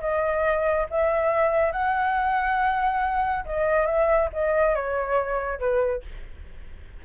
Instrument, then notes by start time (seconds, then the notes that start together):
flute
0.00 D#5
0.90 E5
1.72 F#5
3.45 D#5
3.86 E5
4.33 D#5
4.75 C#5
5.59 B4